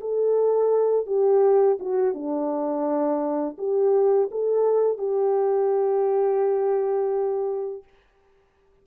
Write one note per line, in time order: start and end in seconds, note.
0.00 1.06 A4
1.06 1.78 G4
1.79 2.14 F#4
2.14 3.56 D4
3.57 4.29 G4
4.31 4.98 A4
4.98 7.83 G4